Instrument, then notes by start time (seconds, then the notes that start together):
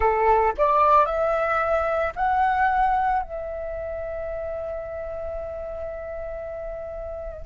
flute
0.00 A4
0.57 D5
1.05 E5
2.15 F#5
3.22 E5